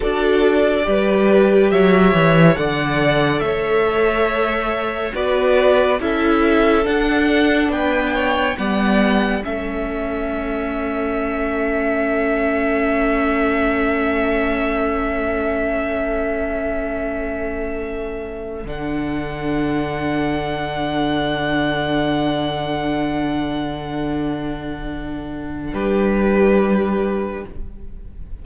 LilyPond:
<<
  \new Staff \with { instrumentName = "violin" } { \time 4/4 \tempo 4 = 70 d''2 e''4 fis''4 | e''2 d''4 e''4 | fis''4 g''4 fis''4 e''4~ | e''1~ |
e''1~ | e''4.~ e''16 fis''2~ fis''16~ | fis''1~ | fis''2 b'2 | }
  \new Staff \with { instrumentName = "violin" } { \time 4/4 a'4 b'4 cis''4 d''4 | cis''2 b'4 a'4~ | a'4 b'8 cis''8 d''4 a'4~ | a'1~ |
a'1~ | a'1~ | a'1~ | a'2 g'2 | }
  \new Staff \with { instrumentName = "viola" } { \time 4/4 fis'4 g'2 a'4~ | a'2 fis'4 e'4 | d'2 b4 cis'4~ | cis'1~ |
cis'1~ | cis'4.~ cis'16 d'2~ d'16~ | d'1~ | d'1 | }
  \new Staff \with { instrumentName = "cello" } { \time 4/4 d'4 g4 fis8 e8 d4 | a2 b4 cis'4 | d'4 b4 g4 a4~ | a1~ |
a1~ | a4.~ a16 d2~ d16~ | d1~ | d2 g2 | }
>>